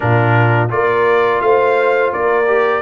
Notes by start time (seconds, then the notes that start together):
0.00 A#2 D4 F4 A#4
0.69 A#3 F4 A#4 D5
1.41 A3 C5 F5
2.12 A#3 A#4 D5
2.47 G4